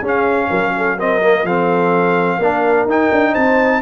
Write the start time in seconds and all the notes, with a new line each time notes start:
0.00 C#4 G#4
0.07 F5
0.49 F#3 A#4
0.77 A4
0.96 C4 A#4 D#5
1.22 A#3
1.43 F3 C4 A4 F5
2.38 A#3 D4 A#4
2.85 D#4 G5
3.11 D4
3.32 C4 C5 A5